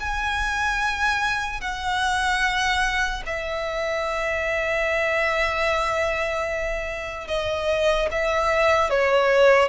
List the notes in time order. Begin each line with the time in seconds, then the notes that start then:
0.00 G#5
1.61 F#5
3.26 E5
7.28 D#5
8.11 E5
8.90 C#5